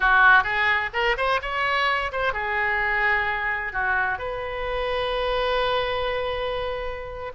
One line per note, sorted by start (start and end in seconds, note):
0.00 0.43 F#4
0.43 0.90 G#4
0.93 1.16 A#4
1.17 1.40 C5
1.42 2.11 C#5
2.12 2.33 C5
2.33 3.72 G#4
3.73 4.18 F#4
4.18 7.32 B4